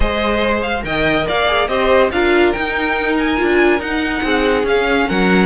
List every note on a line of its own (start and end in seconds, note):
0.00 0.83 G#3
0.00 0.82 G#4
0.00 0.84 C5
0.00 0.61 D#5
0.62 0.83 F5
0.82 1.26 D#3
0.82 1.45 A#4
0.82 1.26 D#5
0.82 1.27 G5
1.26 1.68 A#3
1.26 1.69 D5
1.26 1.67 F5
1.47 1.68 G#4
1.67 2.10 C4
1.67 2.10 G4
1.67 2.12 C5
1.67 2.09 D#5
2.11 2.53 D4
2.11 2.55 F4
2.11 4.23 A#4
2.11 2.52 F5
2.52 3.36 D#4
2.52 3.40 D#4
2.52 3.15 G5
3.18 3.80 G#5
3.36 3.79 D4
3.36 3.79 F4
3.79 4.21 D#4
3.79 4.65 D#4
3.79 4.65 F#5
4.23 4.63 C4
4.23 5.08 G#4
4.63 5.05 C#4
4.63 5.46 C#4
4.63 5.09 F5
5.08 5.46 F#3
5.08 5.46 A#4
5.08 5.46 F#5